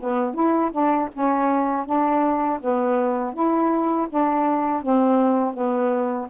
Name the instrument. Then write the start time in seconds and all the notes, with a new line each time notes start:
saxophone
0.00 B3
0.34 E4
0.71 D4
1.13 C#4
1.85 D4
2.60 B3
3.33 E4
4.09 D4
4.82 C4
5.53 B3